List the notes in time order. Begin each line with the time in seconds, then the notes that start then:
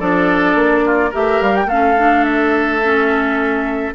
0.00 F3 D4 A4 D5
0.55 A#3
0.86 F4
1.10 A3 G4 A#4 E5
1.41 G3 F5
1.56 G5
1.66 A3 C#4 A4 F5
1.98 D4
2.25 E5
2.84 C#4